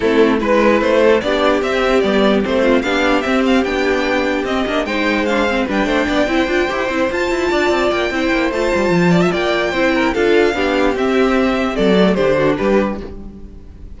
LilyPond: <<
  \new Staff \with { instrumentName = "violin" } { \time 4/4 \tempo 4 = 148 a'4 b'4 c''4 d''4 | e''4 d''4 c''4 f''4 | e''8 f''8 g''2 dis''4 | g''4 f''4 g''2~ |
g''4. a''2 g''8~ | g''4 a''2 g''4~ | g''4 f''2 e''4~ | e''4 d''4 c''4 b'4 | }
  \new Staff \with { instrumentName = "violin" } { \time 4/4 e'4 b'4. a'8 g'4~ | g'2~ g'8 f'8 g'4~ | g'1 | c''2 b'8 c''8 d''8 c''8~ |
c''2~ c''8 d''4. | c''2~ c''8 d''16 e''16 d''4 | c''8 ais'8 a'4 g'2~ | g'4 a'4 g'8 fis'8 g'4 | }
  \new Staff \with { instrumentName = "viola" } { \time 4/4 c'4 e'2 d'4 | c'4 b4 c'4 d'4 | c'4 d'2 c'8 d'8 | dis'4 d'8 c'8 d'4. e'8 |
f'8 g'8 e'8 f'2~ f'8 | e'4 f'2. | e'4 f'4 d'4 c'4~ | c'4. a8 d'2 | }
  \new Staff \with { instrumentName = "cello" } { \time 4/4 a4 gis4 a4 b4 | c'4 g4 a4 b4 | c'4 b2 c'8 ais8 | gis2 g8 a8 b8 c'8 |
d'8 e'8 c'8 f'8 e'8 d'8 c'8 ais8 | c'8 ais8 a8 g8 f4 ais4 | c'4 d'4 b4 c'4~ | c'4 fis4 d4 g4 | }
>>